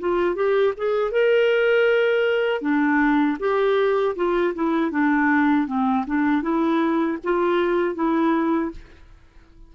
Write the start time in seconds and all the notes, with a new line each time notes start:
0.00 F4
0.36 G4
0.77 G#4
1.12 A#4
2.62 D4
3.40 G4
4.16 F4
4.55 E4
4.91 D4
5.67 C4
6.07 D4
6.42 E4
7.24 F4
7.95 E4